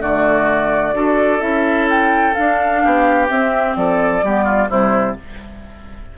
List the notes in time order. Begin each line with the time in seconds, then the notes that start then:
0.00 D3 A3 F#4 D5
0.93 D4 F#4 A4
1.40 C#4 E4 E5
1.90 G5
2.34 D4 F5
2.83 B3 G4
3.29 C4 E5
3.76 F3 A4 D5
4.23 G3 B3 G4
4.44 F4
4.68 C3 G3 E4 C5